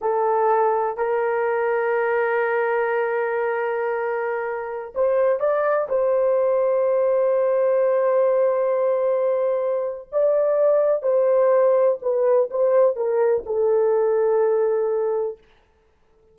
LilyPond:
\new Staff \with { instrumentName = "horn" } { \time 4/4 \tempo 4 = 125 a'2 ais'2~ | ais'1~ | ais'2~ ais'16 c''4 d''8.~ | d''16 c''2.~ c''8.~ |
c''1~ | c''4 d''2 c''4~ | c''4 b'4 c''4 ais'4 | a'1 | }